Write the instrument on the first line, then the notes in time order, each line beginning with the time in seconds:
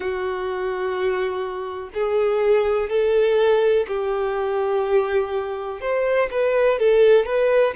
violin
0.00 F#4
1.94 G#4
2.89 A4
3.87 G4
5.81 C5
6.30 B4
6.79 A4
7.25 B4